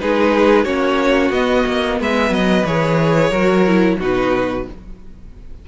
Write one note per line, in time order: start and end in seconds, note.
0.00 0.65 G#3
0.00 0.65 D#4
0.00 0.64 G#4
0.00 0.64 B4
0.64 1.30 A#3
0.64 1.31 C#4
0.64 1.97 F#4
0.64 1.31 C#5
1.30 1.63 B3
1.30 2.66 B3
1.30 1.98 D#5
1.67 2.00 A#3
2.00 2.30 G#3
2.00 3.30 B4
2.00 2.33 E5
2.30 2.63 F#3
2.30 2.66 D#5
2.64 3.30 E3
2.64 3.32 G#4
2.64 3.99 C#5
3.30 3.97 F#3
3.30 3.65 F#4
3.30 3.97 A#4
3.66 3.99 E4
3.99 4.66 B2
3.99 4.67 D#4
3.99 4.66 F#4
3.99 4.68 B4